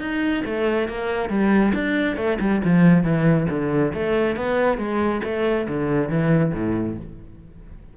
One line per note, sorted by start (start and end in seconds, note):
0.00 0.43 D#4
0.45 0.88 A3
0.88 1.29 A#3
1.29 1.73 G3
1.74 2.16 D4
2.16 2.38 A3
2.40 2.61 G3
2.64 3.03 F3
3.03 3.47 E3
3.49 3.93 D3
3.93 4.36 A3
4.36 4.77 B3
4.77 5.21 G#3
5.24 5.67 A3
5.68 6.09 D3
6.09 6.52 E3
6.53 6.97 A2